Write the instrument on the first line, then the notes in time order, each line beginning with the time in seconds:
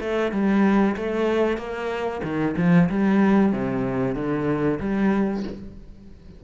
cello
0.00 A3
0.32 G3
0.96 A3
1.57 A#3
2.23 D#3
2.57 F3
2.89 G3
3.52 C3
4.15 D3
4.80 G3